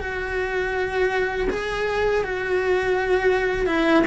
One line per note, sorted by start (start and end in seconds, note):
0.00 1.48 F#4
1.50 2.24 G#4
2.24 3.67 F#4
3.67 4.04 E4